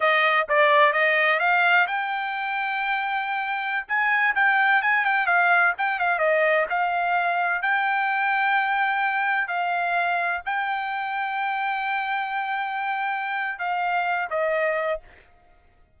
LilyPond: \new Staff \with { instrumentName = "trumpet" } { \time 4/4 \tempo 4 = 128 dis''4 d''4 dis''4 f''4 | g''1~ | g''16 gis''4 g''4 gis''8 g''8 f''8.~ | f''16 g''8 f''8 dis''4 f''4.~ f''16~ |
f''16 g''2.~ g''8.~ | g''16 f''2 g''4.~ g''16~ | g''1~ | g''4 f''4. dis''4. | }